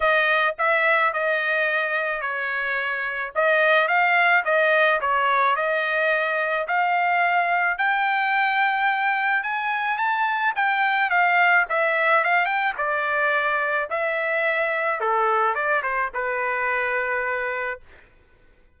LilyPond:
\new Staff \with { instrumentName = "trumpet" } { \time 4/4 \tempo 4 = 108 dis''4 e''4 dis''2 | cis''2 dis''4 f''4 | dis''4 cis''4 dis''2 | f''2 g''2~ |
g''4 gis''4 a''4 g''4 | f''4 e''4 f''8 g''8 d''4~ | d''4 e''2 a'4 | d''8 c''8 b'2. | }